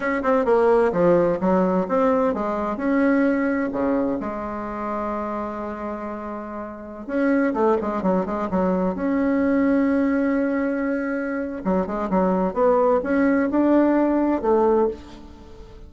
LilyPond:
\new Staff \with { instrumentName = "bassoon" } { \time 4/4 \tempo 4 = 129 cis'8 c'8 ais4 f4 fis4 | c'4 gis4 cis'2 | cis4 gis2.~ | gis2.~ gis16 cis'8.~ |
cis'16 a8 gis8 fis8 gis8 fis4 cis'8.~ | cis'1~ | cis'4 fis8 gis8 fis4 b4 | cis'4 d'2 a4 | }